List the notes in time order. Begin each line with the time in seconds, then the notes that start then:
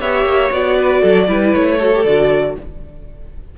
0.00 B3 G4 C#5 E5
0.24 A#3
0.51 B3 F#4 D5
0.77 B4
1.01 F#3 A4
1.28 G3 E4 B4
1.55 A3 C#5
1.78 F#4 A4
1.94 G4
2.05 D3 F#4 D5